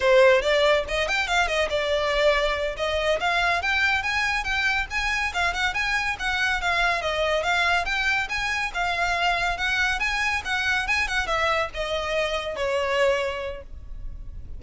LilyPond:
\new Staff \with { instrumentName = "violin" } { \time 4/4 \tempo 4 = 141 c''4 d''4 dis''8 g''8 f''8 dis''8 | d''2~ d''8 dis''4 f''8~ | f''8 g''4 gis''4 g''4 gis''8~ | gis''8 f''8 fis''8 gis''4 fis''4 f''8~ |
f''8 dis''4 f''4 g''4 gis''8~ | gis''8 f''2 fis''4 gis''8~ | gis''8 fis''4 gis''8 fis''8 e''4 dis''8~ | dis''4. cis''2~ cis''8 | }